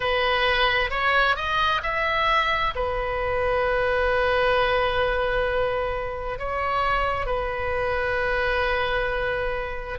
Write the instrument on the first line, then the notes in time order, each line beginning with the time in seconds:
oboe
0.00 B4
0.90 C#5
1.36 D#5
1.83 E5
2.75 B4
6.38 C#5
7.26 B4